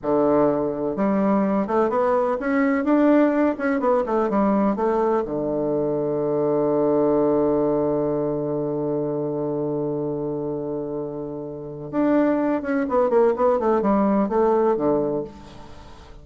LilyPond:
\new Staff \with { instrumentName = "bassoon" } { \time 4/4 \tempo 4 = 126 d2 g4. a8 | b4 cis'4 d'4. cis'8 | b8 a8 g4 a4 d4~ | d1~ |
d1~ | d1~ | d4 d'4. cis'8 b8 ais8 | b8 a8 g4 a4 d4 | }